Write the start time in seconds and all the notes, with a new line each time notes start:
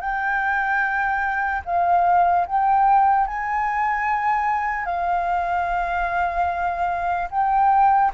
0.00 G5
1.65 F5
2.47 G5
3.27 G#5
4.86 F5
7.31 G5